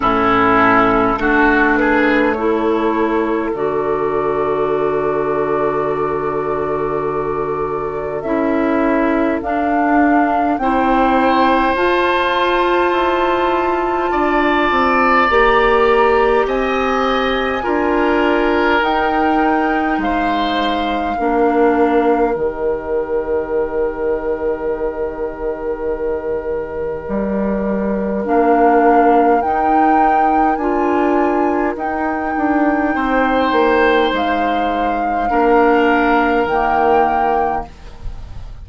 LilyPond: <<
  \new Staff \with { instrumentName = "flute" } { \time 4/4 \tempo 4 = 51 a'4. b'8 cis''4 d''4~ | d''2. e''4 | f''4 g''4 a''2~ | a''4 ais''4 gis''2 |
g''4 f''2 dis''4~ | dis''1 | f''4 g''4 gis''4 g''4~ | g''4 f''2 g''4 | }
  \new Staff \with { instrumentName = "oboe" } { \time 4/4 e'4 fis'8 gis'8 a'2~ | a'1~ | a'4 c''2. | d''2 dis''4 ais'4~ |
ais'4 c''4 ais'2~ | ais'1~ | ais'1 | c''2 ais'2 | }
  \new Staff \with { instrumentName = "clarinet" } { \time 4/4 cis'4 d'4 e'4 fis'4~ | fis'2. e'4 | d'4 e'4 f'2~ | f'4 g'2 f'4 |
dis'2 d'4 g'4~ | g'1 | d'4 dis'4 f'4 dis'4~ | dis'2 d'4 ais4 | }
  \new Staff \with { instrumentName = "bassoon" } { \time 4/4 a,4 a2 d4~ | d2. cis'4 | d'4 c'4 f'4 e'4 | d'8 c'8 ais4 c'4 d'4 |
dis'4 gis4 ais4 dis4~ | dis2. g4 | ais4 dis'4 d'4 dis'8 d'8 | c'8 ais8 gis4 ais4 dis4 | }
>>